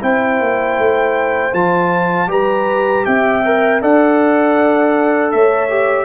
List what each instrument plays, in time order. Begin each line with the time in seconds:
0.00 tuba C4, trombone E4, horn C5, trumpet G5
0.40 tuba A#3
0.78 tuba A3
1.53 tuba F3, trombone F4, trumpet A5
2.27 tuba G3, trombone G4, horn B4, trumpet A#5
3.05 tuba C4, horn E5, trumpet G5
3.45 trombone A#4
3.81 tuba D4, trombone A4, horn D5, trumpet F#5
5.31 tuba A3, horn C#5, trumpet E5
5.69 trombone G4